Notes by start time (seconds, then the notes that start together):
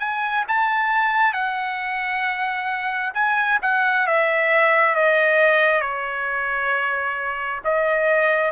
0.00 G#5
0.48 A5
1.34 F#5
3.14 G#5
3.62 F#5
4.07 E5
4.95 D#5
5.81 C#5
7.64 D#5